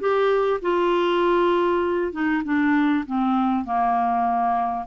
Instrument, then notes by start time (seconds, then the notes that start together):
clarinet
0.00 G4
0.62 F4
2.13 D#4
2.44 D4
3.06 C4
3.65 A#3